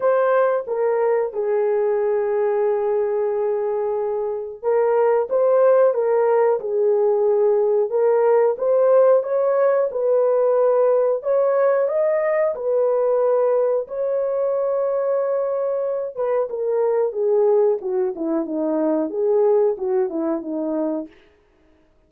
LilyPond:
\new Staff \with { instrumentName = "horn" } { \time 4/4 \tempo 4 = 91 c''4 ais'4 gis'2~ | gis'2. ais'4 | c''4 ais'4 gis'2 | ais'4 c''4 cis''4 b'4~ |
b'4 cis''4 dis''4 b'4~ | b'4 cis''2.~ | cis''8 b'8 ais'4 gis'4 fis'8 e'8 | dis'4 gis'4 fis'8 e'8 dis'4 | }